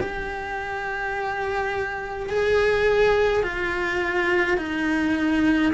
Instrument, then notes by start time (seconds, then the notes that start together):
cello
0.00 G4
2.29 G#4
3.42 F4
4.57 D#4